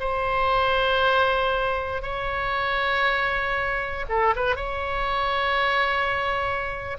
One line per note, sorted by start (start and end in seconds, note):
0.00 2.02 C5
2.02 4.06 C#5
4.09 4.35 A4
4.36 4.56 B4
4.56 6.98 C#5